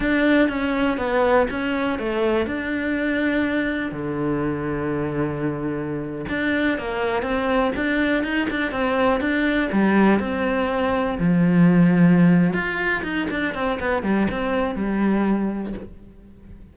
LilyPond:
\new Staff \with { instrumentName = "cello" } { \time 4/4 \tempo 4 = 122 d'4 cis'4 b4 cis'4 | a4 d'2. | d1~ | d8. d'4 ais4 c'4 d'16~ |
d'8. dis'8 d'8 c'4 d'4 g16~ | g8. c'2 f4~ f16~ | f4. f'4 dis'8 d'8 c'8 | b8 g8 c'4 g2 | }